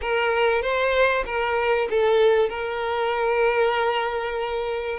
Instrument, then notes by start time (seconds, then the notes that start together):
violin
0.01 A#4
0.62 C5
1.25 A#4
1.89 A4
2.49 A#4